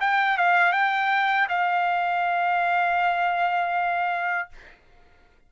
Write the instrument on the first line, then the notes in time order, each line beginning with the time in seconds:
trumpet
0.00 G5
0.38 F5
0.72 G5
1.49 F5